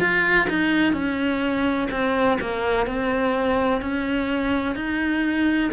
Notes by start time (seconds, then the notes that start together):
0.00 F4
0.49 D#4
0.93 C#4
1.91 C4
2.41 A#3
2.87 C4
3.82 C#4
4.76 D#4